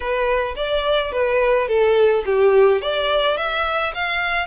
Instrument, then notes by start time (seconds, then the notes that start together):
violin
0.00 B4
0.56 D5
1.12 B4
1.67 A4
2.25 G4
2.81 D5
3.37 E5
3.94 F5